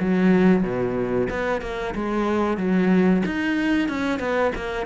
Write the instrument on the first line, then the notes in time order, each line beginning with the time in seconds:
cello
0.00 F#3
0.63 B2
1.30 B3
1.61 A#3
1.94 G#3
2.57 F#3
3.25 D#4
3.88 C#4
4.19 B3
4.55 A#3